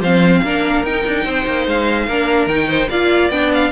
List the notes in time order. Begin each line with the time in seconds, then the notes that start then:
0.00 F3 C4 C5 F5
0.42 A#3 D4 A#4
0.83 D#4 G5
1.06 D4
1.24 C4 C5
1.46 A#3
1.66 G#3 F5
2.07 A#3 D4 A#4
2.46 D#3 D#4 G5
2.68 C5
2.89 A#3 F4 D5 F5
3.30 B3 D4 G5
3.53 F5